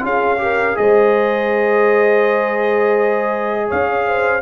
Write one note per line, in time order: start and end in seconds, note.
0.00 0.76 C#4
0.00 0.37 F4
0.00 0.40 G#4
0.00 0.77 F5
0.37 0.74 G4
0.37 0.79 A#4
0.74 3.71 G#3
0.74 4.40 G#4
0.74 3.67 C5
0.74 3.69 D#5
3.67 4.42 C#4
3.67 4.04 C#5
3.67 4.42 F5
4.06 4.42 C5